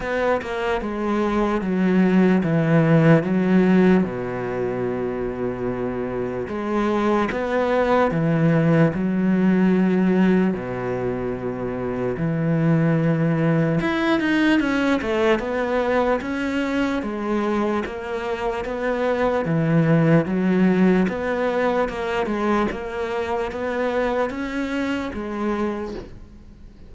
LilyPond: \new Staff \with { instrumentName = "cello" } { \time 4/4 \tempo 4 = 74 b8 ais8 gis4 fis4 e4 | fis4 b,2. | gis4 b4 e4 fis4~ | fis4 b,2 e4~ |
e4 e'8 dis'8 cis'8 a8 b4 | cis'4 gis4 ais4 b4 | e4 fis4 b4 ais8 gis8 | ais4 b4 cis'4 gis4 | }